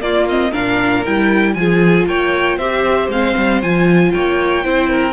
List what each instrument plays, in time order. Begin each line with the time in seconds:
0.00 cello A#3, viola A#3, violin F4 D5
0.29 viola C4, violin D#5
0.51 cello A#2, viola D4, violin A#4 F5
1.05 cello G3, viola E4, violin G5
1.54 cello F3, viola F4, violin G#4 G#5
2.06 cello A#3, violin C#5 G5
2.57 cello C4, viola G4, violin C5 E5
3.08 cello G#3, viola C4, violin F5
3.37 cello G3
3.62 cello F3, viola F4, violin G#5
4.11 cello A#3, violin C#5 G5
4.64 cello C4, viola E4, violin C5
4.90 violin A#4